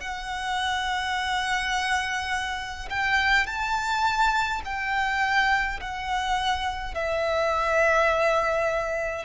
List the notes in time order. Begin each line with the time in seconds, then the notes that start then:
0.00 F#5
2.90 G5
3.46 A5
4.65 G5
5.80 F#5
6.94 E5